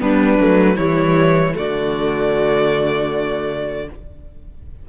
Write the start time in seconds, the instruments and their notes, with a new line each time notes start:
0.00 cello G3, viola B3, violin D4 B4
0.39 cello F#3, viola A3
0.76 cello E3, viola G3, violin E4 C#5
1.53 cello D3, viola A3, violin F#4 D5